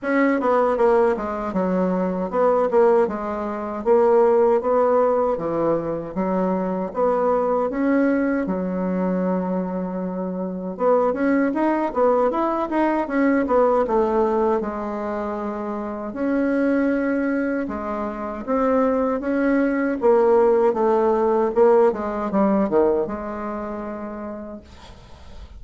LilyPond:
\new Staff \with { instrumentName = "bassoon" } { \time 4/4 \tempo 4 = 78 cis'8 b8 ais8 gis8 fis4 b8 ais8 | gis4 ais4 b4 e4 | fis4 b4 cis'4 fis4~ | fis2 b8 cis'8 dis'8 b8 |
e'8 dis'8 cis'8 b8 a4 gis4~ | gis4 cis'2 gis4 | c'4 cis'4 ais4 a4 | ais8 gis8 g8 dis8 gis2 | }